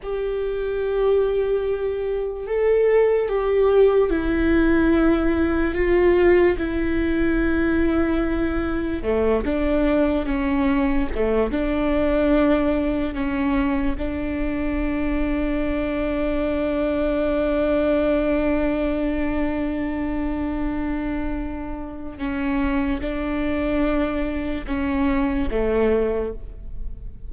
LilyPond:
\new Staff \with { instrumentName = "viola" } { \time 4/4 \tempo 4 = 73 g'2. a'4 | g'4 e'2 f'4 | e'2. a8 d'8~ | d'8 cis'4 a8 d'2 |
cis'4 d'2.~ | d'1~ | d'2. cis'4 | d'2 cis'4 a4 | }